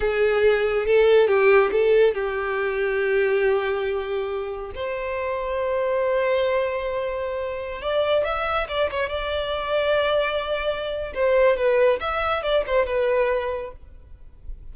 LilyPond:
\new Staff \with { instrumentName = "violin" } { \time 4/4 \tempo 4 = 140 gis'2 a'4 g'4 | a'4 g'2.~ | g'2. c''4~ | c''1~ |
c''2~ c''16 d''4 e''8.~ | e''16 d''8 cis''8 d''2~ d''8.~ | d''2 c''4 b'4 | e''4 d''8 c''8 b'2 | }